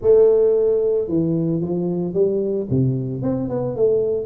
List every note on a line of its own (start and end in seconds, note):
0.01 1.08 A3
1.08 1.60 E3
1.60 2.13 F3
2.13 2.67 G3
2.70 3.22 C3
3.22 3.49 C4
3.49 3.75 B3
3.75 4.26 A3